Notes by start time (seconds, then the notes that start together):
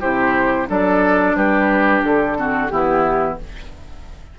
0.00 C3 E4 G4 C5
0.67 F#3 D4 A4 D5
1.35 G3 G4 B4
2.03 D3 A4
2.36 C4 F#4
2.68 E3 B3 E4 G4